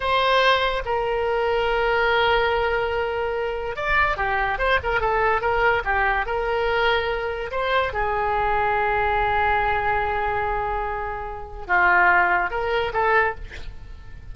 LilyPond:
\new Staff \with { instrumentName = "oboe" } { \time 4/4 \tempo 4 = 144 c''2 ais'2~ | ais'1~ | ais'4 d''4 g'4 c''8 ais'8 | a'4 ais'4 g'4 ais'4~ |
ais'2 c''4 gis'4~ | gis'1~ | gis'1 | f'2 ais'4 a'4 | }